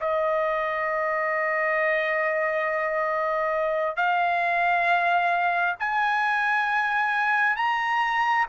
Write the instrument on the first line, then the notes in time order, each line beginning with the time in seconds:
trumpet
0.00 D#5
3.96 F5
5.80 G#5
7.56 A#5